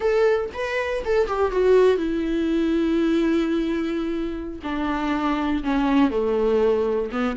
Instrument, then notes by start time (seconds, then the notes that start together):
viola
0.00 A4
0.53 B4
1.04 A4
1.27 G4
1.51 F#4
1.97 E4
4.63 D4
5.63 C#4
6.10 A3
7.11 B3